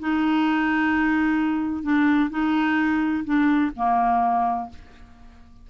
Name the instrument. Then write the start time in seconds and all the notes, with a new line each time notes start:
clarinet
0.00 D#4
1.83 D4
2.31 D#4
3.25 D4
3.76 A#3